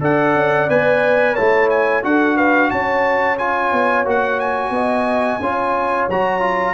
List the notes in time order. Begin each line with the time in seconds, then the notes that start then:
0.00 D4 A4 D5 F#5
0.35 C#4
0.69 B3 B4 G#5
1.34 A3 E4 C#5 A5
1.70 G#5
2.03 D4 F#4 A4 F#5
2.36 B4 F5
2.70 C#4 C#5 A5
3.38 F4 G#5
3.72 B3
4.05 A#3 F#4 F#5
4.39 G#5
4.70 B3 D#5
5.40 C#4 F4 C#5
6.09 F#3 F#4 A#5
6.40 F4